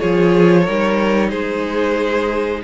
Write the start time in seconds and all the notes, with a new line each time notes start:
0.00 F3 F4 G#4 C#5
0.62 G3 D#4 A#4
1.30 G#3 G#4 C5